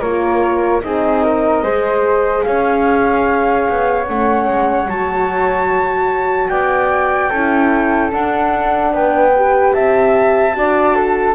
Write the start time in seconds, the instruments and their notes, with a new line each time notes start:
0.00 double bass A#3, horn F4, flute A#4 C#5
0.81 double bass C4, horn D#4, flute G#4 D#5
1.23 flute A#4
1.62 double bass G#3, horn G#4, flute C5
2.43 double bass C#4, flute C#5 F5
3.69 double bass B3
4.07 double bass A3, horn C#4, flute F#5
4.47 double bass G#3
4.87 double bass F#3, horn F#4, flute A5
6.48 double bass B3, flute D5 G5
7.29 double bass C#4, horn E4, flute A4
8.11 horn D4, double bass D4, flute F#5
8.92 double bass B3, flute B4 G5
9.36 horn G4
9.73 double bass C4, flute E5 A5
10.53 double bass D4, horn F#4, flute D5
10.95 flute A4